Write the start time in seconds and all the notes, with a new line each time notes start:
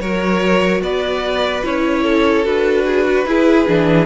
0.00 F#3 F#4 A#4 C#5
0.81 B3 B4 D5
1.63 C#4 E4 C#5
2.03 A4
2.43 D4 F#4 B4
2.85 G#4
3.05 F#4
3.25 E4 G#4
3.67 E3 D4